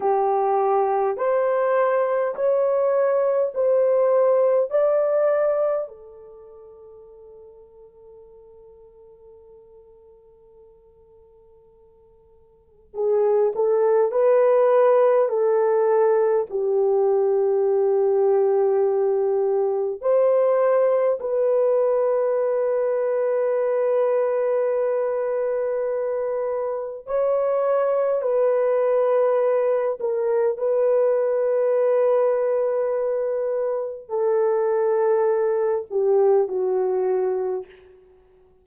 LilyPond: \new Staff \with { instrumentName = "horn" } { \time 4/4 \tempo 4 = 51 g'4 c''4 cis''4 c''4 | d''4 a'2.~ | a'2. gis'8 a'8 | b'4 a'4 g'2~ |
g'4 c''4 b'2~ | b'2. cis''4 | b'4. ais'8 b'2~ | b'4 a'4. g'8 fis'4 | }